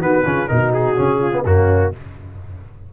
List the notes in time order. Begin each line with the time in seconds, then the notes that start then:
0.00 D#3 B3 F#4 B4
0.25 C#3 C#4 F4
0.48 B2 D#4 F#4 A#4
0.74 G#4
0.96 C#3 C#4
1.20 F4
1.32 B3
1.45 F#2 A#3 C#4 F#4